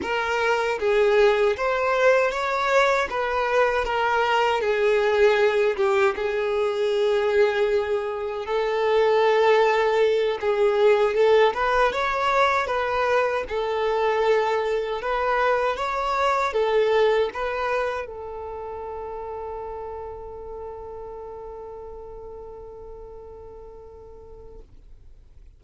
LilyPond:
\new Staff \with { instrumentName = "violin" } { \time 4/4 \tempo 4 = 78 ais'4 gis'4 c''4 cis''4 | b'4 ais'4 gis'4. g'8 | gis'2. a'4~ | a'4. gis'4 a'8 b'8 cis''8~ |
cis''8 b'4 a'2 b'8~ | b'8 cis''4 a'4 b'4 a'8~ | a'1~ | a'1 | }